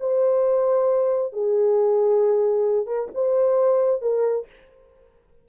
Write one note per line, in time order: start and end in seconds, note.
0.00 1.33 C5
1.33 2.87 G#4
2.87 3.09 A#4
3.15 4.02 C5
4.02 4.47 A#4